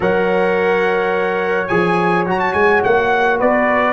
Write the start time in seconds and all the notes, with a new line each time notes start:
0.00 F#3 A#4 C#5 F#5
1.67 F3 G#4 G#5
2.26 F#3 F#4 A#5
2.39 A5
2.53 G#3 G#5
2.83 A#3 F#5
3.38 B3 B4 D5